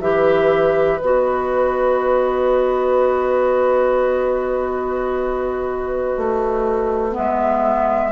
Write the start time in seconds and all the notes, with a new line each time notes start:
0.00 E3 G4 B4 E5
0.98 B3 F#4 D#5
6.17 A3
7.11 B3 E5
7.18 G#3